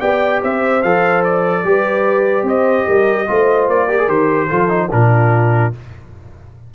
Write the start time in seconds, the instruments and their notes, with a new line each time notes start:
0.00 tuba B3, trombone G4, horn D5, trumpet G5
0.42 tuba C4, horn C5, trumpet E5
0.82 tuba F3, trombone A4, trumpet F5
1.24 trumpet D5
1.64 tuba G3, trombone G4, horn B4
2.43 tuba C4, horn C5, trumpet D#5
2.87 tuba G3, horn A#4
3.27 tuba A3, trombone F4, horn C5
3.68 tuba A#3, trumpet D5
3.88 trombone G4, horn A#4
3.98 trombone G#4
4.08 tuba D#3, trombone G4, trumpet C5
4.47 tuba F3, trombone F4, horn A4
4.69 trombone D#4
4.91 tuba A#2, trombone D4, horn F4, trumpet A#4